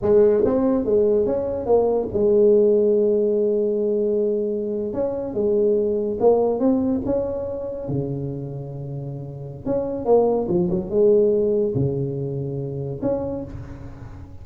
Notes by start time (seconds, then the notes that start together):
0.02 G#3
0.45 C4
0.84 G#3
1.25 C#4
1.66 A#3
2.13 G#3
4.93 C#4
5.34 G#3
6.19 A#3
6.59 C4
7.05 C#4
7.88 C#3
9.65 C#4
10.05 A#3
10.48 F3
10.70 F#3
10.89 G#3
11.75 C#3
13.01 C#4